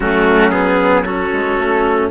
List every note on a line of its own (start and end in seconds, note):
0.00 1.29 F#3
0.00 0.51 A3
0.00 1.04 C#4
0.00 0.50 F#4
0.50 1.04 B3
0.50 1.03 G#4
1.04 2.10 C#4
1.04 2.09 F#4
1.04 2.10 A4
1.32 1.57 G#3
1.57 2.10 A3